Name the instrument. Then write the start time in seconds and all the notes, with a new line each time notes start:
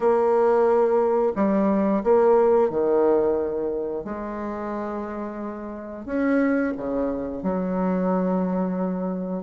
bassoon
0.00 A#3
1.35 G3
2.03 A#3
2.70 D#3
4.04 G#3
6.05 C#4
6.77 C#3
7.42 F#3